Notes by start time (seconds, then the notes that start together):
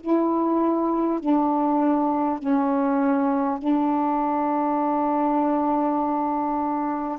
0.00 E4
1.20 D4
2.39 C#4
3.59 D4